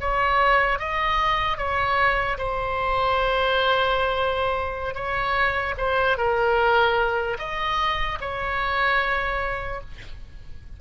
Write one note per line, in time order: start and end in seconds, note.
0.00 0.79 C#5
0.79 1.57 D#5
1.57 2.37 C#5
2.37 4.95 C5
4.95 5.75 C#5
5.77 6.17 C5
6.17 7.37 A#4
7.39 8.19 D#5
8.20 9.80 C#5